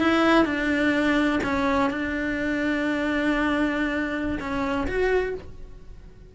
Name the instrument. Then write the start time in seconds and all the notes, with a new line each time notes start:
cello
0.00 E4
0.46 D4
1.44 C#4
1.91 D4
4.40 C#4
4.88 F#4